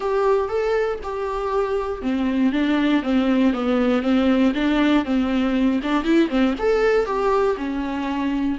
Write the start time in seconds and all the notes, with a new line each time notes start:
0.00 G4
0.48 A4
1.03 G4
2.02 C4
2.52 D4
3.03 C4
3.53 B3
4.02 C4
4.54 D4
5.04 C4
5.83 D4
6.03 E4
6.29 C4
6.58 A4
7.05 G4
7.57 C#4